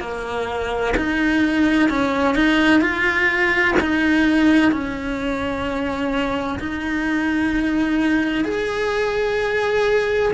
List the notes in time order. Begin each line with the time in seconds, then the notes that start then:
0.00 A#3
0.96 D#4
1.89 C#4
2.35 D#4
2.81 F4
3.80 D#4
4.71 C#4
6.59 D#4
8.45 G#4